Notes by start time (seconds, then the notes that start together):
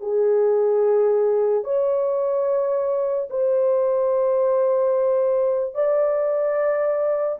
0.00 G#4
1.64 C#5
3.30 C5
5.74 D5